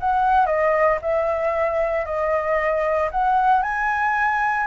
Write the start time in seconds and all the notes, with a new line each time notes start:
0.00 F#5
0.46 D#5
1.02 E5
2.05 D#5
3.11 F#5
3.62 G#5